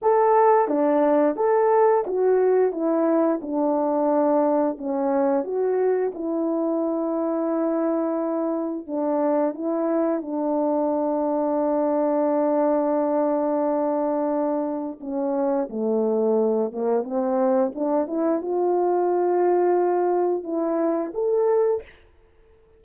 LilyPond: \new Staff \with { instrumentName = "horn" } { \time 4/4 \tempo 4 = 88 a'4 d'4 a'4 fis'4 | e'4 d'2 cis'4 | fis'4 e'2.~ | e'4 d'4 e'4 d'4~ |
d'1~ | d'2 cis'4 a4~ | a8 ais8 c'4 d'8 e'8 f'4~ | f'2 e'4 a'4 | }